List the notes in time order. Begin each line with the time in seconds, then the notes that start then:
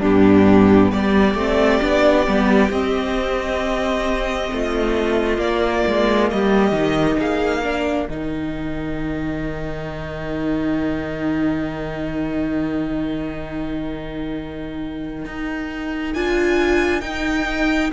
0.00 G2 B3 D4 G4
0.92 G3 G4 D5
1.35 A3 C4
1.82 B3 D4
2.26 G3 B3
2.70 C4 D#5
4.52 A3 F4
5.38 A#3 D5
5.87 G#3
6.30 G3 G4 D#5
6.72 D#3 D#4
7.19 A#3 G#4 F5
7.62 D4 A#4
8.09 D#3 D#4 G5
15.26 D#4
16.14 D4 F4 G#5
17.01 D#4 G5